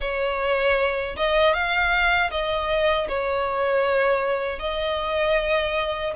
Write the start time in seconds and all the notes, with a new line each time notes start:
0.00 C#5
1.16 D#5
1.53 F5
2.30 D#5
3.08 C#5
4.59 D#5